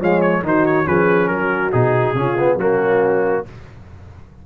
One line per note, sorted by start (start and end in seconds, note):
0.00 0.43 F3
0.00 0.44 G#3
0.00 0.43 C#5
0.00 0.21 F5
0.21 0.43 C#5
0.43 0.86 D#3
0.43 0.85 D#4
0.43 0.87 F#4
0.43 0.66 C5
0.66 0.87 C#5
0.85 1.30 F3
0.85 1.71 C#4
0.85 1.30 G#4
0.85 1.28 B4
1.28 1.73 F#3
1.28 2.16 F#4
1.28 1.71 A#4
1.72 2.14 B2
1.72 2.15 D#4
1.72 2.58 G#4
2.14 2.56 C#3
2.14 2.37 C#4
2.14 2.57 F4
2.39 2.60 B3
2.56 3.43 F#3
2.56 3.46 A#3
2.56 3.44 C#4
2.56 3.46 F#4